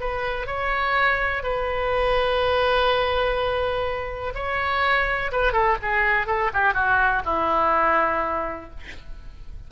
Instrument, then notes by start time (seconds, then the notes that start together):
oboe
0.00 B4
0.46 C#5
1.43 B4
4.34 C#5
5.32 B4
5.52 A4
5.82 G#4
6.26 A4
6.53 G4
6.74 F#4
7.25 E4